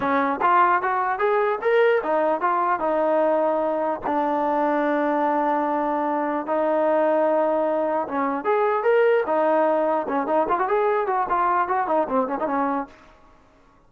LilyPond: \new Staff \with { instrumentName = "trombone" } { \time 4/4 \tempo 4 = 149 cis'4 f'4 fis'4 gis'4 | ais'4 dis'4 f'4 dis'4~ | dis'2 d'2~ | d'1 |
dis'1 | cis'4 gis'4 ais'4 dis'4~ | dis'4 cis'8 dis'8 f'16 fis'16 gis'4 fis'8 | f'4 fis'8 dis'8 c'8 cis'16 dis'16 cis'4 | }